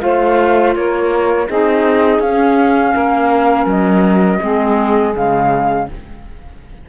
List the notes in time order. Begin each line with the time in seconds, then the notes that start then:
0.00 A3 F4 C5 F5
0.75 A#3 A#4 C#5
1.48 C4 D#4 G#4 D#5
2.19 C#4 F5
2.94 A#3 A#4
3.66 F#3 D#5
4.40 G#3 C4 G#4
5.14 C#3 G#3 F5